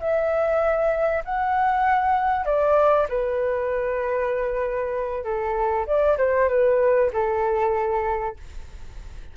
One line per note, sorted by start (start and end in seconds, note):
0.00 1.24 E5
1.25 2.45 F#5
2.45 3.07 D5
3.09 5.24 B4
5.24 5.86 A4
5.87 6.18 D5
6.18 6.49 C5
6.49 7.11 B4
7.13 8.37 A4